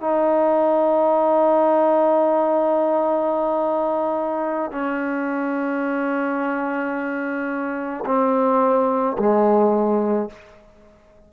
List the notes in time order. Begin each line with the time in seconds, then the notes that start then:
0.00 D#4
4.71 C#4
8.06 C4
9.18 G#3